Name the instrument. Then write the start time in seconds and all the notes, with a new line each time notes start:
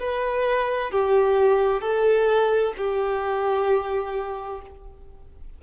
violin
0.00 B4
0.91 G4
1.81 A4
2.78 G4